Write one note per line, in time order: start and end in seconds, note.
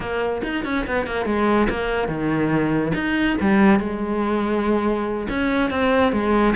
0.00 0.42 A#3
0.43 0.64 D#4
0.65 0.86 C#4
0.86 1.06 B3
1.06 1.25 A#3
1.25 1.67 G#3
1.69 2.08 A#3
2.08 2.92 D#3
2.94 3.36 D#4
3.40 3.79 G3
3.79 5.27 G#3
5.29 5.70 C#4
5.70 6.12 C4
6.12 6.54 G#3